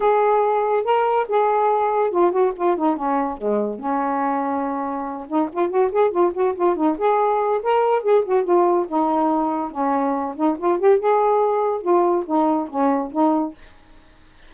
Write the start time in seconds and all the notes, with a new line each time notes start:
0.00 G#4
0.84 A#4
1.28 G#4
2.10 F4
2.31 F#4
2.56 F4
2.76 D#4
2.96 C#4
3.37 G#3
3.79 C#4
5.28 D#4
5.52 F4
5.69 F#4
5.92 G#4
6.11 F4
6.33 F#4
6.55 F4
6.75 D#4
6.98 G#4
7.63 A#4
8.02 G#4
8.24 F#4
8.44 F4
8.88 D#4
9.71 C#4
10.36 D#4
10.58 F4
10.79 G4
10.99 G#4
11.81 F4
12.26 D#4
12.69 C#4
13.12 D#4